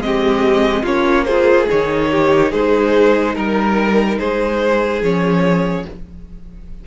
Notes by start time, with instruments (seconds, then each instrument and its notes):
0.00 cello G#3, viola C4, violin G4 D#5
0.82 cello A#3, viola C#4, violin F4 C#5
1.24 viola F4, violin G#4 C5
1.70 cello D#3, viola D#4, violin C#5
2.10 violin G4
2.51 cello G#3, violin G#4 C5
3.34 cello G3, violin A#4
4.18 cello G#3, violin G#4 C5
5.02 cello F3, viola C#4, violin C#5